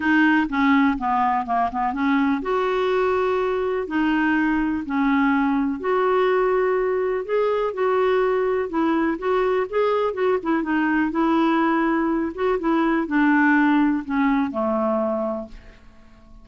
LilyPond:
\new Staff \with { instrumentName = "clarinet" } { \time 4/4 \tempo 4 = 124 dis'4 cis'4 b4 ais8 b8 | cis'4 fis'2. | dis'2 cis'2 | fis'2. gis'4 |
fis'2 e'4 fis'4 | gis'4 fis'8 e'8 dis'4 e'4~ | e'4. fis'8 e'4 d'4~ | d'4 cis'4 a2 | }